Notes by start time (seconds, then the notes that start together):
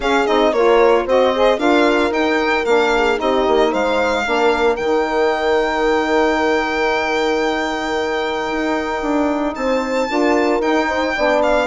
0.00 C#4 G#4 F5
0.26 C4 D#4 D#5
0.52 A#3 F4 A#4 C#5
1.04 C4 F#4 C5 D#5
1.35 G#4
1.57 D4 F4 A#4 F5
2.11 D#4 G5
2.65 A#3 D4 F5
2.95 G#4
3.16 C4 D#4 G4 D#5
3.47 A#3
3.70 G#3 C5 F5
4.24 A#3 D4 A#4
4.76 D#3 D#4 G5
8.51 D#4
9.01 D4
9.55 C4 C5 A5
10.08 D4 F4 A#4
10.59 D#4 G5
10.87 C5
11.16 B3 D4 D5
11.42 F5